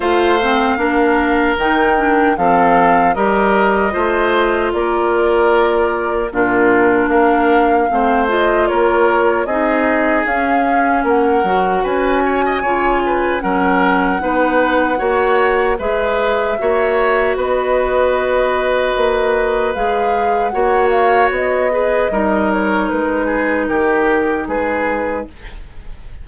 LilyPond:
<<
  \new Staff \with { instrumentName = "flute" } { \time 4/4 \tempo 4 = 76 f''2 g''4 f''4 | dis''2 d''2 | ais'4 f''4. dis''8 cis''4 | dis''4 f''4 fis''4 gis''4~ |
gis''4 fis''2. | e''2 dis''2~ | dis''4 f''4 fis''8 f''8 dis''4~ | dis''8 cis''8 b'4 ais'4 b'4 | }
  \new Staff \with { instrumentName = "oboe" } { \time 4/4 c''4 ais'2 a'4 | ais'4 c''4 ais'2 | f'4 ais'4 c''4 ais'4 | gis'2 ais'4 b'8 cis''16 dis''16 |
cis''8 b'8 ais'4 b'4 cis''4 | b'4 cis''4 b'2~ | b'2 cis''4. b'8 | ais'4. gis'8 g'4 gis'4 | }
  \new Staff \with { instrumentName = "clarinet" } { \time 4/4 f'8 c'8 d'4 dis'8 d'8 c'4 | g'4 f'2. | d'2 c'8 f'4. | dis'4 cis'4. fis'4. |
f'4 cis'4 dis'4 fis'4 | gis'4 fis'2.~ | fis'4 gis'4 fis'4. gis'8 | dis'1 | }
  \new Staff \with { instrumentName = "bassoon" } { \time 4/4 a4 ais4 dis4 f4 | g4 a4 ais2 | ais,4 ais4 a4 ais4 | c'4 cis'4 ais8 fis8 cis'4 |
cis4 fis4 b4 ais4 | gis4 ais4 b2 | ais4 gis4 ais4 b4 | g4 gis4 dis4 gis4 | }
>>